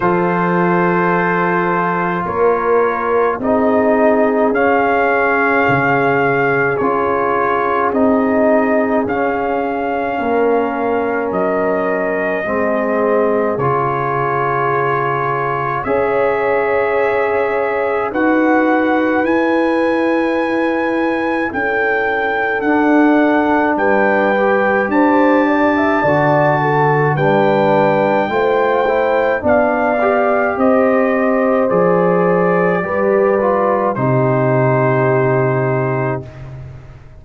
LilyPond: <<
  \new Staff \with { instrumentName = "trumpet" } { \time 4/4 \tempo 4 = 53 c''2 cis''4 dis''4 | f''2 cis''4 dis''4 | f''2 dis''2 | cis''2 e''2 |
fis''4 gis''2 g''4 | fis''4 g''4 a''2 | g''2 f''4 dis''4 | d''2 c''2 | }
  \new Staff \with { instrumentName = "horn" } { \time 4/4 a'2 ais'4 gis'4~ | gis'1~ | gis'4 ais'2 gis'4~ | gis'2 cis''2 |
b'2. a'4~ | a'4 b'4 c''8 d''16 e''16 d''8 a'8 | b'4 c''4 d''4 c''4~ | c''4 b'4 g'2 | }
  \new Staff \with { instrumentName = "trombone" } { \time 4/4 f'2. dis'4 | cis'2 f'4 dis'4 | cis'2. c'4 | f'2 gis'2 |
fis'4 e'2. | d'4. g'4. fis'4 | d'4 f'8 e'8 d'8 g'4. | gis'4 g'8 f'8 dis'2 | }
  \new Staff \with { instrumentName = "tuba" } { \time 4/4 f2 ais4 c'4 | cis'4 cis4 cis'4 c'4 | cis'4 ais4 fis4 gis4 | cis2 cis'2 |
dis'4 e'2 cis'4 | d'4 g4 d'4 d4 | g4 a4 b4 c'4 | f4 g4 c2 | }
>>